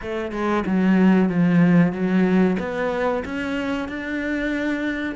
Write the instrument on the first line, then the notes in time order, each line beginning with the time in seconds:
cello
0.01 A3
0.31 G#3
0.66 F#3
1.29 F3
1.92 F#3
2.59 B3
3.25 C#4
3.88 D4